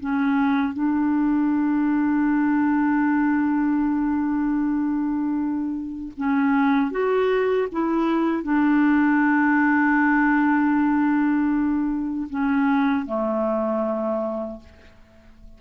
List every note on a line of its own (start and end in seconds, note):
0.00 0.74 C#4
0.74 6.12 D4
6.17 6.91 C#4
6.91 7.68 F#4
7.72 8.43 E4
8.43 12.28 D4
12.30 13.06 C#4
13.06 14.60 A3